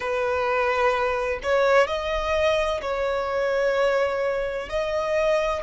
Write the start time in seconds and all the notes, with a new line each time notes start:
0.00 B4
1.42 C#5
1.87 D#5
2.81 C#5
4.69 D#5